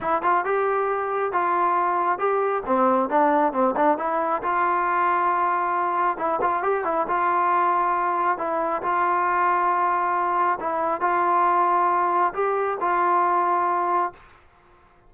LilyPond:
\new Staff \with { instrumentName = "trombone" } { \time 4/4 \tempo 4 = 136 e'8 f'8 g'2 f'4~ | f'4 g'4 c'4 d'4 | c'8 d'8 e'4 f'2~ | f'2 e'8 f'8 g'8 e'8 |
f'2. e'4 | f'1 | e'4 f'2. | g'4 f'2. | }